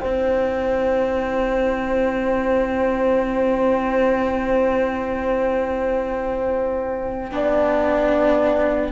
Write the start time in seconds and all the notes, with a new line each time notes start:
0.00 C4 E4 C5 G5
7.31 B3 D4 D5